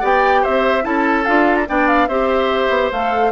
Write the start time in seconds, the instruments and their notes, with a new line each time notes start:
0.00 bassoon B3, clarinet G4, oboe D5, flute G5
0.42 bassoon C4, oboe C5, flute E5
0.82 bassoon C#4, clarinet E4, oboe A4, flute A5
1.25 bassoon D4, clarinet F4, flute F5
1.55 flute A#5
1.66 bassoon B3, clarinet D4, oboe D5, flute G5
1.87 flute F5
2.08 bassoon C4, clarinet G4, oboe C5, flute E5
2.69 bassoon B3
2.91 bassoon A3, clarinet A4, flute F5